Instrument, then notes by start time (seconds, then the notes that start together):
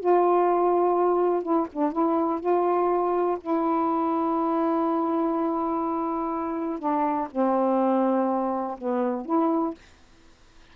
saxophone
0.00 F4
1.43 E4
1.73 D4
1.92 E4
2.40 F4
3.41 E4
6.79 D4
7.31 C4
8.78 B3
9.25 E4